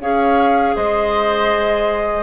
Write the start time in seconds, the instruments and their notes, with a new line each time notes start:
0.00 bassoon C#4, clarinet G#4, oboe C#5, flute F5
0.76 bassoon G#3, oboe C5, flute D#5